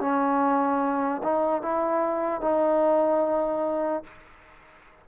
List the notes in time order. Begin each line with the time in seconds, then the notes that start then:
0.00 C#4
1.23 D#4
1.62 E4
2.41 D#4